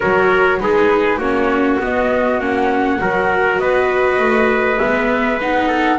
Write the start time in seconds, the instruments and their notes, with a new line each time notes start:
0.00 double bass F#3, viola F#4, trumpet A#4, flute C#5
0.59 double bass G#3, viola D#4, trumpet G#4, flute B4
1.17 double bass A#3, viola C#4, trumpet F#4, flute C#5
1.80 double bass B3, viola B3, flute D#5
2.39 double bass A#3, viola C#4, flute F#5
2.99 double bass F#3, viola F#4, trumpet A#4
3.58 double bass B3, trumpet B4, flute D#5
4.19 double bass A3
4.78 double bass G#3, viola B3, flute E5
5.40 double bass B3, viola D#4, flute F#5
5.67 trumpet A4